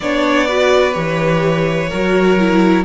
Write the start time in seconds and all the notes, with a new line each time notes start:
0.00 B3 D4 C#5 D5
0.47 F#4 B4
0.92 E3 G4 C#5
1.89 F#3 F#4 A#4
2.38 E4